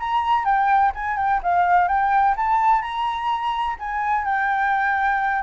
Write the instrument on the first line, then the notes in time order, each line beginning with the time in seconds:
flute
0.00 A#5
0.45 G5
0.95 G#5
1.17 G5
1.43 F5
1.88 G5
2.37 A5
2.82 A#5
3.79 G#5
4.25 G5